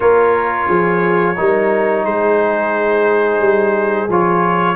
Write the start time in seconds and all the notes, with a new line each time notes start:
0.00 A#3 F4 A#4 C#5
0.67 F3 G#4
1.36 G3 D#4 A#4
2.05 G#3 G#4 C5
3.39 G3
4.09 F3 F4 C#5